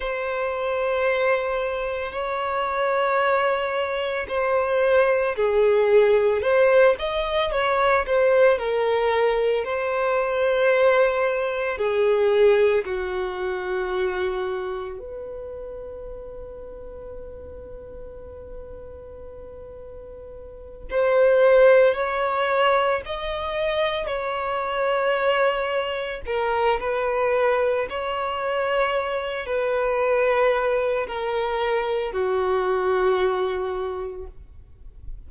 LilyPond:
\new Staff \with { instrumentName = "violin" } { \time 4/4 \tempo 4 = 56 c''2 cis''2 | c''4 gis'4 c''8 dis''8 cis''8 c''8 | ais'4 c''2 gis'4 | fis'2 b'2~ |
b'2.~ b'8 c''8~ | c''8 cis''4 dis''4 cis''4.~ | cis''8 ais'8 b'4 cis''4. b'8~ | b'4 ais'4 fis'2 | }